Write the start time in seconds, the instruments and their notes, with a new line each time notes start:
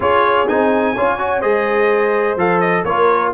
0.00 tuba C#4, trombone F4, horn G#4, trumpet C#5
0.48 tuba C4, trombone D#4, trumpet G#5
0.94 tuba C#4, trombone F4, horn C#5
1.18 trombone F#4
1.40 tuba G#3, trombone G#4, horn C5, trumpet D#5
2.36 tuba F3, trombone A4, trumpet F5
2.60 trumpet D#5
2.84 tuba A#3, trombone F4, horn A#4, trumpet C#5